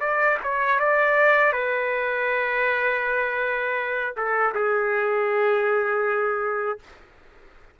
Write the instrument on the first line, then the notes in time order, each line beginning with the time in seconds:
trumpet
0.00 D5
0.43 C#5
0.79 D5
1.52 B4
4.16 A4
4.54 G#4